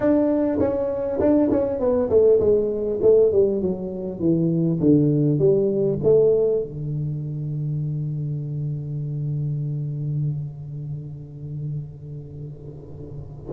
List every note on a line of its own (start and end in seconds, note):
0.00 0.58 D4
0.59 1.19 C#4
1.19 1.49 D4
1.51 1.79 C#4
1.79 2.09 B3
2.09 2.39 A3
2.40 3.00 G#3
3.02 3.31 A3
3.31 3.61 G3
3.61 4.19 F#3
4.19 4.79 E3
4.80 5.38 D3
5.38 5.98 G3
6.03 6.62 A3
6.62 13.52 D3